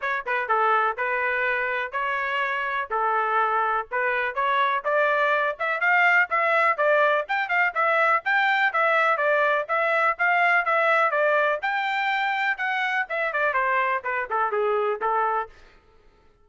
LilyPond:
\new Staff \with { instrumentName = "trumpet" } { \time 4/4 \tempo 4 = 124 cis''8 b'8 a'4 b'2 | cis''2 a'2 | b'4 cis''4 d''4. e''8 | f''4 e''4 d''4 g''8 f''8 |
e''4 g''4 e''4 d''4 | e''4 f''4 e''4 d''4 | g''2 fis''4 e''8 d''8 | c''4 b'8 a'8 gis'4 a'4 | }